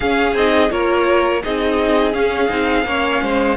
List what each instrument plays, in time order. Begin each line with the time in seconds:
0.00 viola C#4, cello C#4, violin G#4 F5
0.34 cello C4, viola D#4, violin D#5
0.69 cello A#3, viola F4, violin A#4 C#5
1.43 cello C4, viola D#4, violin G#4 D#5
2.13 viola C#4, cello C#4, violin F5
2.48 cello C4, viola D#4
2.84 cello A#3, viola C#4, violin C#5
3.22 cello G#3, violin C5